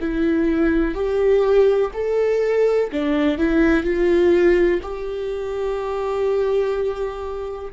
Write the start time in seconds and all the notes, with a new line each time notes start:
0.00 E4
0.94 G4
1.94 A4
2.92 D4
3.38 E4
3.83 F4
4.82 G4